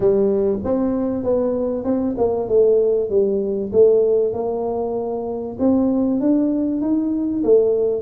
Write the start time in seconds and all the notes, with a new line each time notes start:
0.00 G3
0.64 C4
1.23 B3
1.84 C4
2.17 A#3
2.48 A3
3.09 G3
3.72 A3
4.33 A#3
5.59 C4
6.20 D4
6.81 D#4
7.43 A3